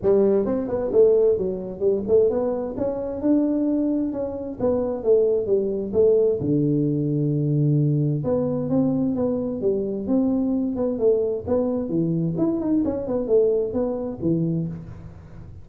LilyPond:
\new Staff \with { instrumentName = "tuba" } { \time 4/4 \tempo 4 = 131 g4 c'8 b8 a4 fis4 | g8 a8 b4 cis'4 d'4~ | d'4 cis'4 b4 a4 | g4 a4 d2~ |
d2 b4 c'4 | b4 g4 c'4. b8 | a4 b4 e4 e'8 dis'8 | cis'8 b8 a4 b4 e4 | }